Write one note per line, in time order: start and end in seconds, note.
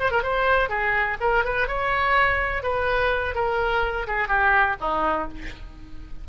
0.00 0.12 C5
0.12 0.23 A#4
0.23 0.69 C5
0.69 1.17 G#4
1.21 1.45 A#4
1.45 1.68 B4
1.68 2.63 C#5
2.63 3.35 B4
3.35 4.07 A#4
4.08 4.28 G#4
4.28 4.76 G4
4.81 5.29 D#4